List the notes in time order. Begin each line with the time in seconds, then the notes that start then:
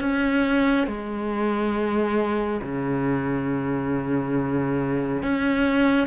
0.00 C#4
0.87 G#3
2.62 C#3
5.22 C#4